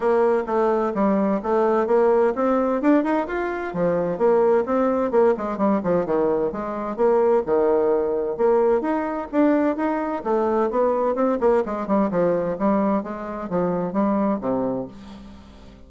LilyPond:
\new Staff \with { instrumentName = "bassoon" } { \time 4/4 \tempo 4 = 129 ais4 a4 g4 a4 | ais4 c'4 d'8 dis'8 f'4 | f4 ais4 c'4 ais8 gis8 | g8 f8 dis4 gis4 ais4 |
dis2 ais4 dis'4 | d'4 dis'4 a4 b4 | c'8 ais8 gis8 g8 f4 g4 | gis4 f4 g4 c4 | }